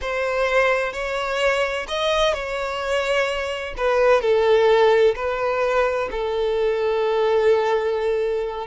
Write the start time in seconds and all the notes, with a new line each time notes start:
0.01 C5
0.92 C#5
1.87 D#5
2.33 C#5
3.77 B4
4.21 A4
5.15 B4
6.11 A4